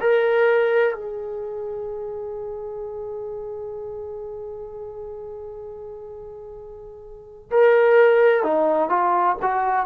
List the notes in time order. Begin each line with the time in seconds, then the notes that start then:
0.00 A#4
0.94 G#4
7.50 A#4
8.43 D#4
8.89 F4
9.41 F#4